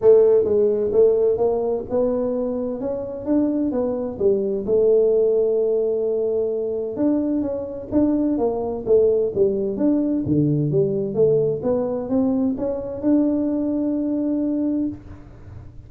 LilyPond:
\new Staff \with { instrumentName = "tuba" } { \time 4/4 \tempo 4 = 129 a4 gis4 a4 ais4 | b2 cis'4 d'4 | b4 g4 a2~ | a2. d'4 |
cis'4 d'4 ais4 a4 | g4 d'4 d4 g4 | a4 b4 c'4 cis'4 | d'1 | }